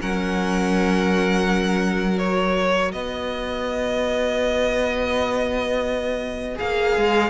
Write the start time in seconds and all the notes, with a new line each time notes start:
0.00 F#3 C#4 A#4 F#5
2.18 F#4 C#5
2.92 B3 B4 D#5
6.56 A#3 G#4 F5
6.97 G#3